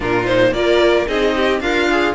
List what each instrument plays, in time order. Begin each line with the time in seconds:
0.00 cello A#2, viola D4, violin F4 A#4
0.25 viola D#4, violin C5
0.51 cello A#3, viola F4, violin A#4 D5
1.06 cello C4, viola D#4, violin G#4 D#5
1.35 violin G4
1.60 cello D4, violin F4 F5, viola A#4
1.90 viola G#4